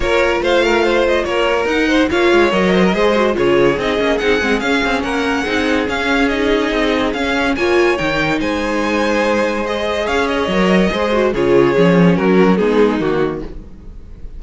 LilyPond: <<
  \new Staff \with { instrumentName = "violin" } { \time 4/4 \tempo 4 = 143 cis''4 f''4. dis''8 cis''4 | fis''4 f''4 dis''2 | cis''4 dis''4 fis''4 f''4 | fis''2 f''4 dis''4~ |
dis''4 f''4 gis''4 g''4 | gis''2. dis''4 | f''8 dis''2~ dis''8 cis''4~ | cis''4 ais'4 gis'4 fis'4 | }
  \new Staff \with { instrumentName = "violin" } { \time 4/4 ais'4 c''8 ais'8 c''4 ais'4~ | ais'8 c''8 cis''4. c''16 ais'16 c''4 | gis'1 | ais'4 gis'2.~ |
gis'2 cis''2 | c''1 | cis''2 c''4 gis'4~ | gis'4 fis'4 dis'2 | }
  \new Staff \with { instrumentName = "viola" } { \time 4/4 f'1 | dis'4 f'4 ais'4 gis'8 fis'8 | f'4 dis'8 cis'8 dis'8 c'8 cis'4~ | cis'4 dis'4 cis'4 dis'4~ |
dis'4 cis'4 f'4 dis'4~ | dis'2. gis'4~ | gis'4 ais'4 gis'8 fis'8 f'4 | cis'2 b4 ais4 | }
  \new Staff \with { instrumentName = "cello" } { \time 4/4 ais4 a2 ais4 | dis'4 ais8 gis8 fis4 gis4 | cis4 c'8 ais8 c'8 gis8 cis'8 c'8 | ais4 c'4 cis'2 |
c'4 cis'4 ais4 dis4 | gis1 | cis'4 fis4 gis4 cis4 | f4 fis4 gis4 dis4 | }
>>